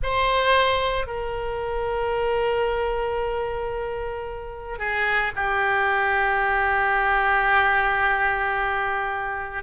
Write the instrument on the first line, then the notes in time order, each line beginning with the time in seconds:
oboe
0.02 C5
1.07 A#4
4.78 G#4
5.35 G4